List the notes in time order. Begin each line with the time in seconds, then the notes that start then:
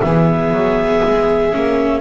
0.00 E3 B3 G#4 E5
0.51 F#3
1.04 G#3
1.51 A#3 C#4